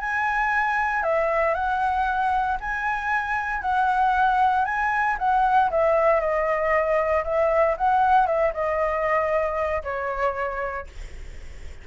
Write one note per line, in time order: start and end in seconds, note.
0.00 1.03 G#5
1.03 1.54 E5
1.54 2.57 F#5
2.60 3.61 G#5
3.61 4.64 F#5
4.64 5.16 G#5
5.18 5.70 F#5
5.70 6.20 E5
6.20 7.23 D#5
7.24 7.76 E5
7.77 8.26 F#5
8.26 8.52 E5
8.53 9.82 D#5
9.83 10.86 C#5